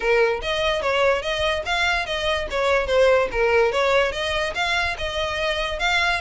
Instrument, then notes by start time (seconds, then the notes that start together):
violin
0.00 A#4
0.41 D#5
0.81 C#5
1.22 D#5
1.65 F5
2.06 D#5
2.50 C#5
2.87 C5
3.31 A#4
3.72 C#5
4.12 D#5
4.54 F5
4.97 D#5
5.79 F5